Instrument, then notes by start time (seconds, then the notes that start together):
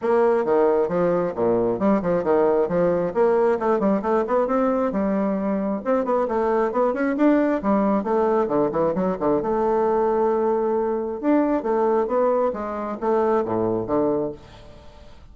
bassoon
0.01 A#3
0.44 D#3
0.88 F3
1.35 A#2
1.79 G3
2.01 F3
2.23 D#3
2.68 F3
3.13 A#3
3.59 A3
3.79 G3
4.02 A3
4.27 B3
4.47 C4
4.92 G3
5.84 C4
6.04 B3
6.28 A3
6.72 B3
6.93 C#4
7.16 D4
7.62 G3
8.03 A3
8.47 D3
8.71 E3
8.94 F#3
9.19 D3
9.42 A3
11.20 D4
11.62 A3
12.07 B3
12.53 G#3
13.00 A3
13.45 A2
13.87 D3